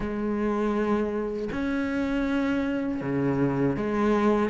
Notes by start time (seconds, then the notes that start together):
0.00 G#3
1.51 C#4
3.01 C#3
3.76 G#3